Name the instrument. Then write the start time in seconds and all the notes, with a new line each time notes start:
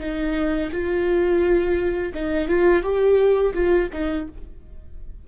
viola
0.00 D#4
0.72 F4
2.14 D#4
2.48 F4
2.82 G4
3.54 F4
3.92 D#4